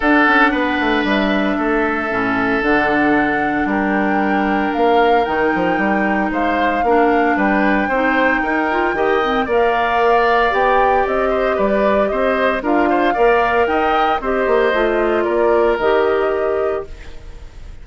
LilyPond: <<
  \new Staff \with { instrumentName = "flute" } { \time 4/4 \tempo 4 = 114 fis''2 e''2~ | e''4 fis''2 g''4~ | g''4 f''4 g''2 | f''2 g''2~ |
g''2 f''2 | g''4 dis''4 d''4 dis''4 | f''2 g''4 dis''4~ | dis''4 d''4 dis''2 | }
  \new Staff \with { instrumentName = "oboe" } { \time 4/4 a'4 b'2 a'4~ | a'2. ais'4~ | ais'1 | c''4 ais'4 b'4 c''4 |
ais'4 dis''4 d''2~ | d''4. c''8 b'4 c''4 | ais'8 c''8 d''4 dis''4 c''4~ | c''4 ais'2. | }
  \new Staff \with { instrumentName = "clarinet" } { \time 4/4 d'1 | cis'4 d'2.~ | d'2 dis'2~ | dis'4 d'2 dis'4~ |
dis'8 f'8 g'8 c'8 ais'2 | g'1 | f'4 ais'2 g'4 | f'2 g'2 | }
  \new Staff \with { instrumentName = "bassoon" } { \time 4/4 d'8 cis'8 b8 a8 g4 a4 | a,4 d2 g4~ | g4 ais4 dis8 f8 g4 | gis4 ais4 g4 c'4 |
dis'4 dis4 ais2 | b4 c'4 g4 c'4 | d'4 ais4 dis'4 c'8 ais8 | a4 ais4 dis2 | }
>>